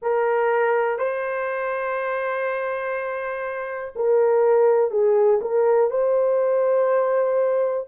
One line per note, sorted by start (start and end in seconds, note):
0.01 0.98 A#4
0.98 3.93 C5
3.95 4.90 A#4
4.90 5.40 G#4
5.41 5.90 A#4
5.90 7.87 C5